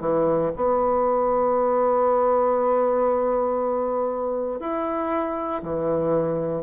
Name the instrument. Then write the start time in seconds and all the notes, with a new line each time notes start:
bassoon
0.00 E3
0.55 B3
4.60 E4
5.62 E3